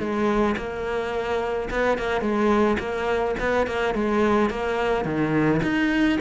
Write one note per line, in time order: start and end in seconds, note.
0.00 0.56 G#3
0.57 1.69 A#3
1.71 1.99 B3
1.99 2.21 A#3
2.21 2.78 G#3
2.79 3.35 A#3
3.40 3.67 B3
3.67 3.95 A#3
3.95 4.50 G#3
4.50 5.05 A#3
5.05 5.61 D#3
5.63 6.19 D#4